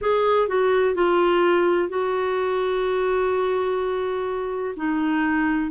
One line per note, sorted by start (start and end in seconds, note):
0.01 0.48 G#4
0.48 0.94 F#4
0.94 1.88 F4
1.88 4.74 F#4
4.76 5.71 D#4